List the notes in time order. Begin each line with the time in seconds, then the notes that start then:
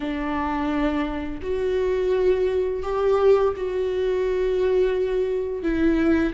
0.00 D4
1.41 F#4
2.82 G4
3.56 F#4
5.62 E4